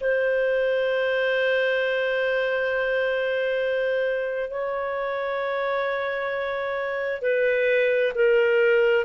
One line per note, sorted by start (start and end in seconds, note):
0.00 4.50 C5
4.50 7.21 C#5
7.21 8.12 B4
8.14 9.05 A#4